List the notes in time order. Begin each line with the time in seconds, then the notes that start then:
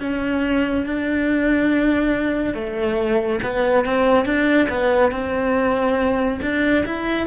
0.00 C#4
0.86 D4
2.54 A3
3.43 B3
3.85 C4
4.25 D4
4.69 B3
5.12 C4
6.41 D4
6.85 E4